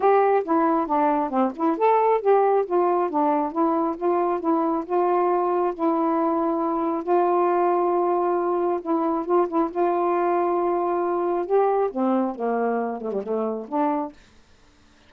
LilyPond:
\new Staff \with { instrumentName = "saxophone" } { \time 4/4 \tempo 4 = 136 g'4 e'4 d'4 c'8 e'8 | a'4 g'4 f'4 d'4 | e'4 f'4 e'4 f'4~ | f'4 e'2. |
f'1 | e'4 f'8 e'8 f'2~ | f'2 g'4 c'4 | ais4. a16 g16 a4 d'4 | }